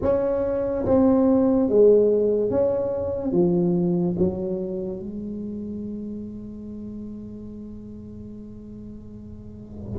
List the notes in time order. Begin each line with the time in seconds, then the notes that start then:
0.02 C#4
0.85 C4
1.68 G#3
2.50 C#4
3.32 F3
4.18 F#3
4.99 G#3